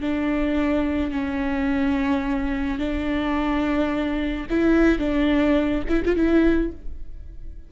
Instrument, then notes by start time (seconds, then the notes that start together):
viola
0.00 D4
1.11 C#4
2.78 D4
4.50 E4
4.98 D4
5.88 E4
6.05 F4
6.15 E4